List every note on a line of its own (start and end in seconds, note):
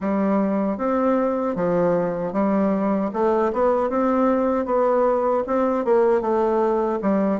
0.00 0.77 G3
0.77 1.55 C4
1.55 2.32 F3
2.32 3.10 G3
3.13 3.52 A3
3.53 3.89 B3
3.89 4.65 C4
4.65 5.43 B3
5.46 5.84 C4
5.84 6.21 A#3
6.21 6.99 A3
7.01 7.40 G3